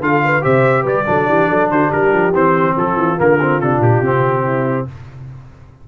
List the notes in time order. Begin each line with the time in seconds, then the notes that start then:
0.00 D3 F4 A4 F5
0.24 B4
0.41 C3 G4 C5 E5
0.82 G3 B4 D5
1.06 F#3 D4 A4
1.28 E3 G4
1.49 F#3 A4
1.70 D3 F#4 C5
1.88 G3 G4 A#4
2.13 F3
2.33 E3 C4 C5
2.76 F3 F4 A4
2.96 E3
3.17 D3 A#3 A#4
3.40 C4
3.60 C3 D4 A4
3.79 A#2 G4
4.01 C3 C4
4.43 E4